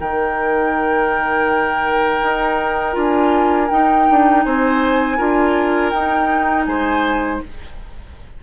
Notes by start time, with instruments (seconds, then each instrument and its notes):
0.00 bassoon D#3, clarinet D#4, oboe A#4, flute G5
2.22 bassoon D#4
2.93 bassoon D4, clarinet F4, flute G#5
3.70 clarinet D#4, bassoon D#4, flute G5
4.10 bassoon D4
4.44 bassoon C4, oboe C5, flute G#5
5.17 bassoon D4, clarinet F4, oboe A#4
5.90 bassoon D#4, clarinet D#4, flute G5
6.66 bassoon G#3, oboe C5, flute G#5